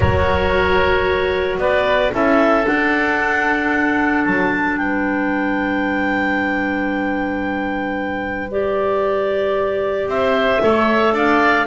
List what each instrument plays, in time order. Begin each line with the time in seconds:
0.00 double bass F#3, clarinet F#4 C#5, oboe A#4
1.58 double bass B3, oboe B4, clarinet D5
2.11 double bass C#4, clarinet E4 E5, oboe A4
2.63 clarinet D4 F#5, double bass D4
4.24 double bass F#3, clarinet A5
4.77 double bass G3, oboe B4, clarinet G5
8.50 clarinet G4 D5
10.06 double bass C4, oboe C5, clarinet E5
10.60 double bass A3, clarinet A4, oboe C#5
11.12 double bass D4, oboe D5, clarinet F5